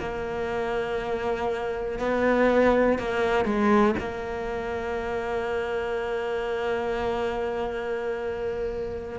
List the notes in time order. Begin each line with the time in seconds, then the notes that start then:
0.00 A#3
1.99 B3
2.99 A#3
3.45 G#3
3.99 A#3